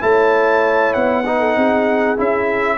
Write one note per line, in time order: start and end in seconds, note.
0.00 0.94 A3
0.00 1.24 E4
0.00 1.25 C#5
0.00 0.93 A5
0.93 1.56 B3
0.93 2.17 F#5
1.25 2.16 D#4
1.25 1.39 B4
1.39 1.55 A4
1.56 2.18 C4
1.56 2.77 G#4
2.16 2.77 C#4
2.16 2.77 E4
2.16 2.77 E5